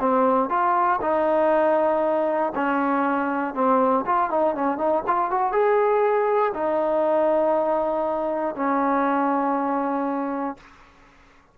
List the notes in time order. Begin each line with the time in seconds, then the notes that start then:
0.00 C4
0.49 F4
1.02 D#4
2.55 C#4
3.54 C4
4.06 F4
4.30 D#4
4.55 C#4
4.78 D#4
5.07 F4
5.31 F#4
5.52 G#4
6.54 D#4
8.56 C#4